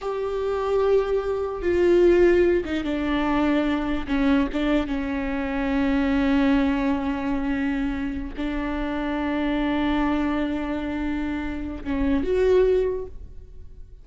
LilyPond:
\new Staff \with { instrumentName = "viola" } { \time 4/4 \tempo 4 = 147 g'1 | f'2~ f'8 dis'8 d'4~ | d'2 cis'4 d'4 | cis'1~ |
cis'1~ | cis'8 d'2.~ d'8~ | d'1~ | d'4 cis'4 fis'2 | }